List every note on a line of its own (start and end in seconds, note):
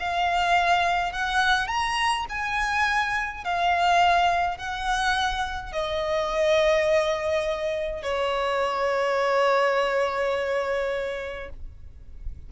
0.00 1.13 F5
1.13 1.68 F#5
1.68 2.26 A#5
2.30 3.45 G#5
3.45 4.58 F5
4.58 5.73 F#5
5.73 8.03 D#5
8.03 11.50 C#5